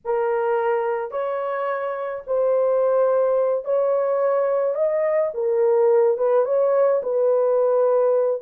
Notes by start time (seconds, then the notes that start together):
0.04 A#4
1.11 C#5
2.27 C5
3.64 C#5
4.74 D#5
5.34 A#4
6.17 B4
6.45 C#5
7.02 B4